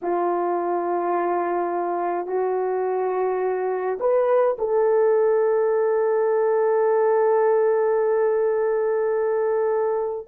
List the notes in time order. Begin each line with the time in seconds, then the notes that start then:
0.02 F4
2.26 F#4
3.99 B4
4.58 A4